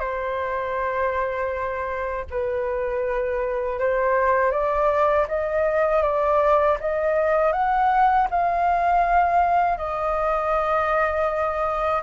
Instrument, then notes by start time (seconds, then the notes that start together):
flute
0.00 C5
2.31 B4
3.80 C5
4.52 D5
5.28 D#5
6.03 D5
6.80 D#5
7.53 F#5
8.31 F5
9.78 D#5